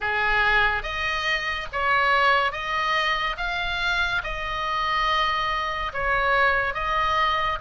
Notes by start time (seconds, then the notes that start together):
0.00 G#4
0.83 D#5
1.72 C#5
2.52 D#5
3.37 F5
4.23 D#5
5.93 C#5
6.74 D#5